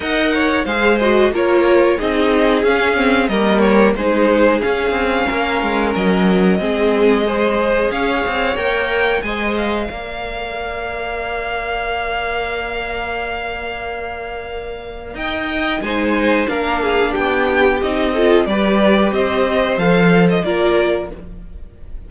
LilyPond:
<<
  \new Staff \with { instrumentName = "violin" } { \time 4/4 \tempo 4 = 91 fis''4 f''8 dis''8 cis''4 dis''4 | f''4 dis''8 cis''8 c''4 f''4~ | f''4 dis''2. | f''4 g''4 gis''8 f''4.~ |
f''1~ | f''2. g''4 | gis''4 f''4 g''4 dis''4 | d''4 dis''4 f''8. dis''16 d''4 | }
  \new Staff \with { instrumentName = "violin" } { \time 4/4 dis''8 cis''8 c''4 ais'4 gis'4~ | gis'4 ais'4 gis'2 | ais'2 gis'4 c''4 | cis''2 dis''4 d''4~ |
d''1~ | d''2. dis''4 | c''4 ais'8 gis'8 g'4. a'8 | b'4 c''2 ais'4 | }
  \new Staff \with { instrumentName = "viola" } { \time 4/4 ais'4 gis'8 fis'8 f'4 dis'4 | cis'8 c'8 ais4 dis'4 cis'4~ | cis'2 c'4 gis'4~ | gis'4 ais'4 c''4 ais'4~ |
ais'1~ | ais'1 | dis'4 d'2 dis'8 f'8 | g'2 a'4 f'4 | }
  \new Staff \with { instrumentName = "cello" } { \time 4/4 dis'4 gis4 ais4 c'4 | cis'4 g4 gis4 cis'8 c'8 | ais8 gis8 fis4 gis2 | cis'8 c'8 ais4 gis4 ais4~ |
ais1~ | ais2. dis'4 | gis4 ais4 b4 c'4 | g4 c'4 f4 ais4 | }
>>